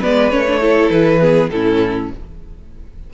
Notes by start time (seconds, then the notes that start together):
0.00 G#3 B3 B4 D5
0.30 A3 C#4 C#5
0.47 D4
0.61 E4 A4
0.90 E3 B4
1.21 B3 G#4
1.50 A2 C#4 E4 A4